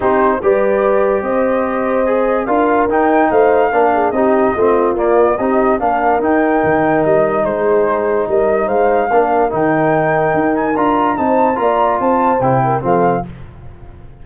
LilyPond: <<
  \new Staff \with { instrumentName = "flute" } { \time 4/4 \tempo 4 = 145 c''4 d''2 dis''4~ | dis''2 f''4 g''4 | f''2 dis''2 | d''4 dis''4 f''4 g''4~ |
g''4 dis''4 c''2 | dis''4 f''2 g''4~ | g''4. gis''8 ais''4 a''4 | ais''4 a''4 g''4 f''4 | }
  \new Staff \with { instrumentName = "horn" } { \time 4/4 g'4 b'2 c''4~ | c''2 ais'2 | c''4 ais'8 gis'8 g'4 f'4~ | f'4 g'4 ais'2~ |
ais'2 gis'2 | ais'4 c''4 ais'2~ | ais'2. c''4 | d''4 c''4. ais'8 a'4 | }
  \new Staff \with { instrumentName = "trombone" } { \time 4/4 dis'4 g'2.~ | g'4 gis'4 f'4 dis'4~ | dis'4 d'4 dis'4 c'4 | ais4 dis'4 d'4 dis'4~ |
dis'1~ | dis'2 d'4 dis'4~ | dis'2 f'4 dis'4 | f'2 e'4 c'4 | }
  \new Staff \with { instrumentName = "tuba" } { \time 4/4 c'4 g2 c'4~ | c'2 d'4 dis'4 | a4 ais4 c'4 a4 | ais4 c'4 ais4 dis'4 |
dis4 g4 gis2 | g4 gis4 ais4 dis4~ | dis4 dis'4 d'4 c'4 | ais4 c'4 c4 f4 | }
>>